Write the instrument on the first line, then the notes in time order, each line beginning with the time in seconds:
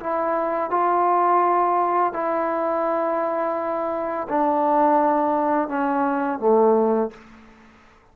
trombone
0.00 E4
0.70 F4
2.13 E4
4.29 D4
5.69 C#4
6.39 A3